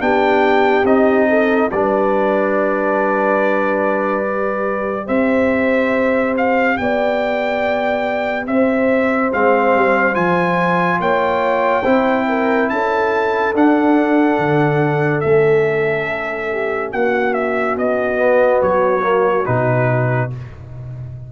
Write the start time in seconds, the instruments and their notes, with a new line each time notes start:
0.00 tuba B3, trombone D4, horn G4, trumpet G5
0.85 tuba C4, trombone D#4, trumpet D#5
1.29 horn A4
1.71 tuba G3, trombone D4, horn B4, trumpet D5
4.24 trombone G4
5.06 tuba C4, horn C5, trumpet E5
6.38 trumpet F5
6.77 tuba B3, horn D5, trumpet G5
8.47 tuba C4, horn C5, trumpet E5
9.33 tuba G#3, trombone C4, trumpet F5
9.75 tuba G3
10.14 tuba F3, trombone F4, trumpet G#5
11.00 tuba A#3, horn C#5, trumpet G5
11.83 tuba C4, trombone E4, horn C5
12.29 horn A#4
12.70 tuba C#4, horn A4, trumpet A5
13.54 tuba D4, trombone D4, trumpet F#5
14.39 tuba D3
15.21 tuba A3, trombone C#4, trumpet E5
16.52 horn G4
16.93 tuba A#3, horn F#4, trumpet F#5
17.34 trumpet E5
17.77 tuba B3, trumpet D#5
18.17 trombone B3
18.62 tuba F#3, trumpet C#5
19.03 trombone A#3
19.46 tuba B2, trombone D#4, trumpet B4